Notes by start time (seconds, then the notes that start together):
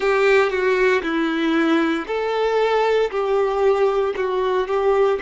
0.00 G4
0.50 F#4
1.02 E4
2.07 A4
3.10 G4
4.16 F#4
4.67 G4